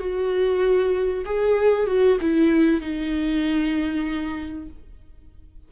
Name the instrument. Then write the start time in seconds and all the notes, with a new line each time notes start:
viola
0.00 F#4
1.25 G#4
1.87 F#4
2.21 E4
2.81 D#4